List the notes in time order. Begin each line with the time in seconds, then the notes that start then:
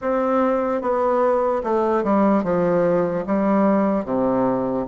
0.01 C4
0.81 B3
1.63 A3
2.03 G3
2.43 F3
3.26 G3
4.05 C3